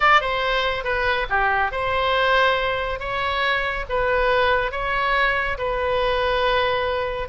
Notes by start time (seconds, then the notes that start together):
0.00 D5
0.20 C5
0.84 B4
1.29 G4
1.71 C5
2.99 C#5
3.89 B4
4.71 C#5
5.58 B4